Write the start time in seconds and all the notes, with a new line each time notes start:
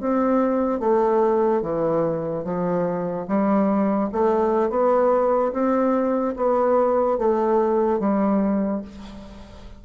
0.00 C4
0.80 A3
1.62 E3
2.44 F3
3.28 G3
4.12 A3
4.70 B3
5.52 C4
6.36 B3
7.18 A3
7.99 G3